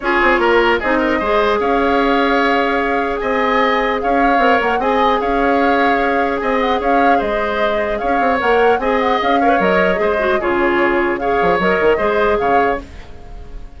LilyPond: <<
  \new Staff \with { instrumentName = "flute" } { \time 4/4 \tempo 4 = 150 cis''2 dis''2 | f''1 | gis''2 f''4. fis''8 | gis''4 f''2. |
gis''8 fis''8 f''4 dis''2 | f''4 fis''4 gis''8 fis''8 f''4 | dis''2 cis''2 | f''4 dis''2 f''4 | }
  \new Staff \with { instrumentName = "oboe" } { \time 4/4 gis'4 ais'4 gis'8 ais'8 c''4 | cis''1 | dis''2 cis''2 | dis''4 cis''2. |
dis''4 cis''4 c''2 | cis''2 dis''4. cis''8~ | cis''4 c''4 gis'2 | cis''2 c''4 cis''4 | }
  \new Staff \with { instrumentName = "clarinet" } { \time 4/4 f'2 dis'4 gis'4~ | gis'1~ | gis'2. ais'4 | gis'1~ |
gis'1~ | gis'4 ais'4 gis'4. ais'16 b'16 | ais'4 gis'8 fis'8 f'2 | gis'4 ais'4 gis'2 | }
  \new Staff \with { instrumentName = "bassoon" } { \time 4/4 cis'8 c'8 ais4 c'4 gis4 | cis'1 | c'2 cis'4 c'8 ais8 | c'4 cis'2. |
c'4 cis'4 gis2 | cis'8 c'8 ais4 c'4 cis'4 | fis4 gis4 cis2~ | cis8 f8 fis8 dis8 gis4 cis4 | }
>>